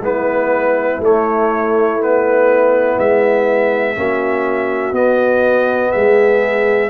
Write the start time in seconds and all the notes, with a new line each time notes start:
0.00 G#3 B3 E4 B4
0.99 A3 C#5
2.00 B3 B4
2.98 G#3 E5
3.96 A#3 C#4 F#4
4.92 B3 D#5
5.92 G#3 G#4 E5